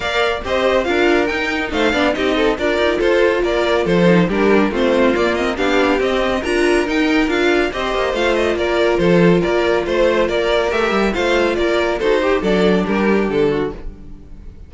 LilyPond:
<<
  \new Staff \with { instrumentName = "violin" } { \time 4/4 \tempo 4 = 140 f''4 dis''4 f''4 g''4 | f''4 dis''4 d''4 c''4 | d''4 c''4 ais'4 c''4 | d''8 dis''8 f''4 dis''4 ais''4 |
g''4 f''4 dis''4 f''8 dis''8 | d''4 c''4 d''4 c''4 | d''4 e''4 f''4 d''4 | c''4 d''4 ais'4 a'4 | }
  \new Staff \with { instrumentName = "violin" } { \time 4/4 d''4 c''4 ais'2 | c''8 d''8 g'8 a'8 ais'4 a'4 | ais'4 a'4 g'4 f'4~ | f'4 g'2 ais'4~ |
ais'2 c''2 | ais'4 a'4 ais'4 c''4 | ais'2 c''4 ais'4 | a'8 g'8 a'4 g'4. fis'8 | }
  \new Staff \with { instrumentName = "viola" } { \time 4/4 ais'4 g'4 f'4 dis'4~ | dis'8 d'8 dis'4 f'2~ | f'4. dis'8 d'4 c'4 | ais8 c'8 d'4 c'4 f'4 |
dis'4 f'4 g'4 f'4~ | f'1~ | f'4 g'4 f'2 | fis'8 g'8 d'2. | }
  \new Staff \with { instrumentName = "cello" } { \time 4/4 ais4 c'4 d'4 dis'4 | a8 b8 c'4 d'8 dis'8 f'4 | ais4 f4 g4 a4 | ais4 b4 c'4 d'4 |
dis'4 d'4 c'8 ais8 a4 | ais4 f4 ais4 a4 | ais4 a8 g8 a4 ais4 | dis'4 fis4 g4 d4 | }
>>